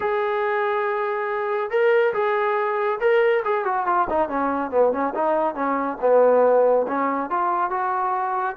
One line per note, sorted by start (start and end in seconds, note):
0.00 1.70 G#4
1.70 2.13 A#4
2.13 2.99 G#4
3.00 3.43 A#4
3.44 3.64 G#4
3.64 3.86 F#4
3.86 4.07 F4
4.09 4.29 D#4
4.29 4.70 C#4
4.70 4.92 B3
4.92 5.13 C#4
5.14 5.54 D#4
5.54 5.97 C#4
6.00 6.86 B3
6.87 7.30 C#4
7.30 7.70 F4
7.70 8.56 F#4